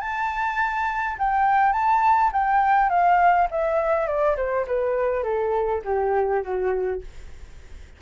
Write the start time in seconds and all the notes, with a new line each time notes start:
0.00 A5
1.18 G5
1.73 A5
2.32 G5
2.89 F5
3.50 E5
4.07 D5
4.36 C5
4.67 B4
5.23 A4
5.84 G4
6.43 F#4